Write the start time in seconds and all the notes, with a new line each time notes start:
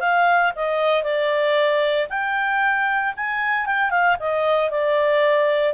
0.00 F5
0.55 D#5
1.03 D5
2.09 G5
3.16 G#5
3.66 G5
3.90 F5
4.20 D#5
4.70 D5